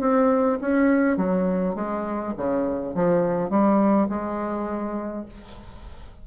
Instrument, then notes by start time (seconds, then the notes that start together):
bassoon
0.00 C4
0.61 C#4
1.17 F#3
1.74 G#3
2.37 C#3
2.94 F3
3.49 G3
4.09 G#3